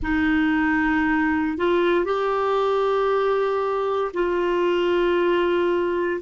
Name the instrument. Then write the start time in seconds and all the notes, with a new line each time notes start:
clarinet
0.02 D#4
1.58 F4
2.04 G4
4.13 F4